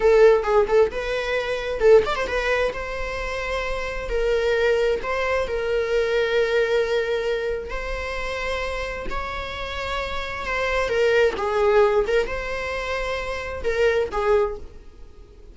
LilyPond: \new Staff \with { instrumentName = "viola" } { \time 4/4 \tempo 4 = 132 a'4 gis'8 a'8 b'2 | a'8 d''16 c''16 b'4 c''2~ | c''4 ais'2 c''4 | ais'1~ |
ais'4 c''2. | cis''2. c''4 | ais'4 gis'4. ais'8 c''4~ | c''2 ais'4 gis'4 | }